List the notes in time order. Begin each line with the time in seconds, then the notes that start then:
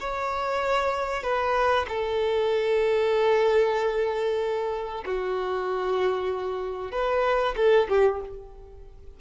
0.00 C#5
1.23 B4
1.89 A4
5.05 F#4
6.92 B4
7.57 A4
7.89 G4